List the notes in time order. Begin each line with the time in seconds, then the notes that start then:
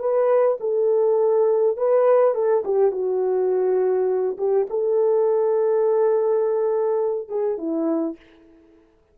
0.00 B4
0.61 A4
1.77 B4
2.35 A4
2.65 G4
2.92 F#4
4.38 G4
4.70 A4
7.29 G#4
7.58 E4